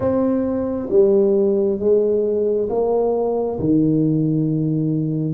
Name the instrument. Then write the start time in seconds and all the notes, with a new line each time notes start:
tuba
0.00 C4
0.90 G3
1.79 G#3
2.69 A#3
3.59 D#3